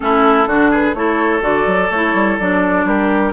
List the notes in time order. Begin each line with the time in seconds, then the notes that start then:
0.00 A3 C#4 E4 A4
0.46 D3 D4 F#4
0.71 G#4 B4
0.94 A3 E4 A4 C#5
1.41 D3 F#4 D5
1.66 F#3
1.90 A3 E4 C#5
2.13 G3
2.39 F#3 D4 D5
2.85 G3 G4 A#4